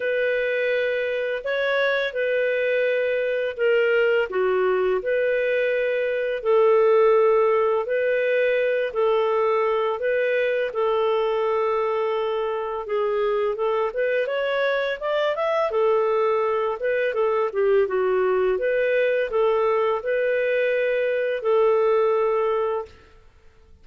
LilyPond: \new Staff \with { instrumentName = "clarinet" } { \time 4/4 \tempo 4 = 84 b'2 cis''4 b'4~ | b'4 ais'4 fis'4 b'4~ | b'4 a'2 b'4~ | b'8 a'4. b'4 a'4~ |
a'2 gis'4 a'8 b'8 | cis''4 d''8 e''8 a'4. b'8 | a'8 g'8 fis'4 b'4 a'4 | b'2 a'2 | }